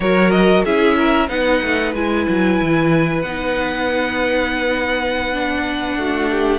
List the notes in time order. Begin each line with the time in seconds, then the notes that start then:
0.00 F#3 F#4 A#4 C#5
0.31 D#5
0.65 C#4 E4 G#4 E5
0.97 A#4
1.28 B3 D#4 B4 F#5
1.62 A3
1.94 G#3 E4 G#5
2.28 F#3
2.61 E3
3.21 B3 D#4 F#5
5.33 D4
5.96 A3 F#4
6.31 G4